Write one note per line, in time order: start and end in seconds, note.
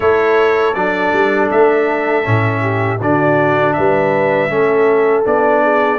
0.00 0.75 A3
0.00 0.74 E4
0.00 2.61 A4
0.00 0.74 C#5
0.74 1.12 F#3
0.74 2.23 D4
0.74 1.49 D5
1.12 1.50 G3
1.50 2.26 A3
1.50 3.00 E5
2.23 3.00 A2
2.23 2.98 C#4
2.61 2.99 G4
3.00 3.75 D3
3.00 4.49 D4
3.00 3.75 F#4
3.00 3.73 D5
3.73 4.49 G3
3.73 4.51 B4
3.73 5.23 E5
4.49 5.24 A3
4.49 5.23 C#4
4.49 5.63 A4
5.23 5.99 B3
5.23 5.98 D4
5.23 5.99 D5
5.63 5.99 G#4